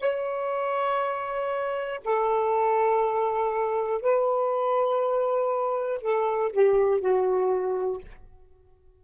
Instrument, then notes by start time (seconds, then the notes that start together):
saxophone
0.00 C#5
2.05 A4
4.02 B4
6.02 A4
6.52 G4
7.00 F#4